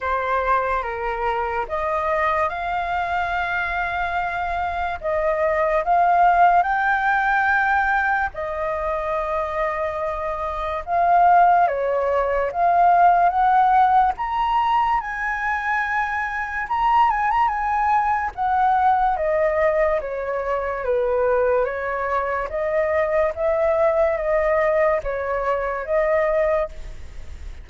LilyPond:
\new Staff \with { instrumentName = "flute" } { \time 4/4 \tempo 4 = 72 c''4 ais'4 dis''4 f''4~ | f''2 dis''4 f''4 | g''2 dis''2~ | dis''4 f''4 cis''4 f''4 |
fis''4 ais''4 gis''2 | ais''8 gis''16 ais''16 gis''4 fis''4 dis''4 | cis''4 b'4 cis''4 dis''4 | e''4 dis''4 cis''4 dis''4 | }